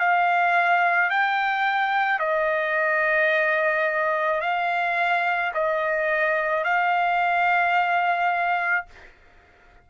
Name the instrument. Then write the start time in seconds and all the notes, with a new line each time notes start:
trumpet
0.00 F5
1.11 G5
2.20 D#5
4.41 F5
5.55 D#5
6.64 F5